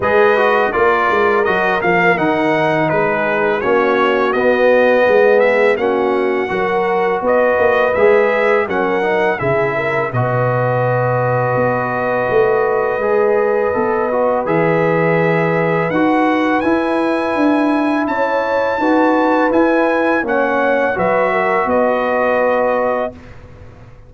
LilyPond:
<<
  \new Staff \with { instrumentName = "trumpet" } { \time 4/4 \tempo 4 = 83 dis''4 d''4 dis''8 f''8 fis''4 | b'4 cis''4 dis''4. e''8 | fis''2 dis''4 e''4 | fis''4 e''4 dis''2~ |
dis''1 | e''2 fis''4 gis''4~ | gis''4 a''2 gis''4 | fis''4 e''4 dis''2 | }
  \new Staff \with { instrumentName = "horn" } { \time 4/4 b'4 ais'2. | gis'4 fis'2 gis'4 | fis'4 ais'4 b'2 | ais'4 gis'8 ais'8 b'2~ |
b'1~ | b'1~ | b'4 cis''4 b'2 | cis''4 b'8 ais'8 b'2 | }
  \new Staff \with { instrumentName = "trombone" } { \time 4/4 gis'8 fis'8 f'4 fis'8 ais8 dis'4~ | dis'4 cis'4 b2 | cis'4 fis'2 gis'4 | cis'8 dis'8 e'4 fis'2~ |
fis'2 gis'4 a'8 fis'8 | gis'2 fis'4 e'4~ | e'2 fis'4 e'4 | cis'4 fis'2. | }
  \new Staff \with { instrumentName = "tuba" } { \time 4/4 gis4 ais8 gis8 fis8 f8 dis4 | gis4 ais4 b4 gis4 | ais4 fis4 b8 ais8 gis4 | fis4 cis4 b,2 |
b4 a4 gis4 b4 | e2 dis'4 e'4 | d'4 cis'4 dis'4 e'4 | ais4 fis4 b2 | }
>>